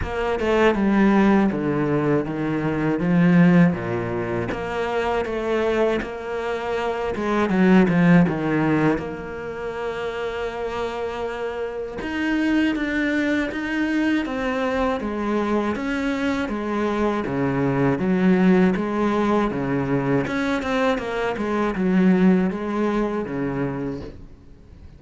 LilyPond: \new Staff \with { instrumentName = "cello" } { \time 4/4 \tempo 4 = 80 ais8 a8 g4 d4 dis4 | f4 ais,4 ais4 a4 | ais4. gis8 fis8 f8 dis4 | ais1 |
dis'4 d'4 dis'4 c'4 | gis4 cis'4 gis4 cis4 | fis4 gis4 cis4 cis'8 c'8 | ais8 gis8 fis4 gis4 cis4 | }